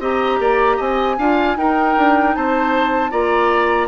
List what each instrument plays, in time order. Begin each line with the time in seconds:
0.00 bassoon C4, clarinet G4, oboe D#5, flute A#5
0.40 bassoon A#3, oboe D5
0.77 bassoon C4, oboe D#5, flute G#5
1.18 bassoon D4, clarinet F4, oboe F5
1.57 bassoon D#4, clarinet D#4, oboe A#4, flute G5
1.97 bassoon D4
2.35 bassoon C4, oboe C5, flute A5
3.11 bassoon A#3, clarinet F4, oboe D5, flute A#5